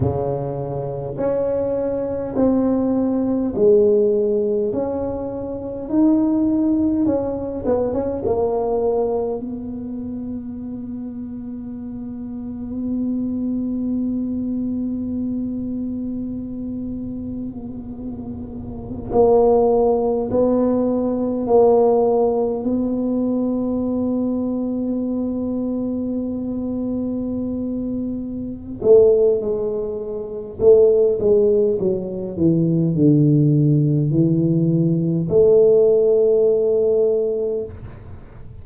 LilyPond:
\new Staff \with { instrumentName = "tuba" } { \time 4/4 \tempo 4 = 51 cis4 cis'4 c'4 gis4 | cis'4 dis'4 cis'8 b16 cis'16 ais4 | b1~ | b1~ |
b16 ais4 b4 ais4 b8.~ | b1~ | b8 a8 gis4 a8 gis8 fis8 e8 | d4 e4 a2 | }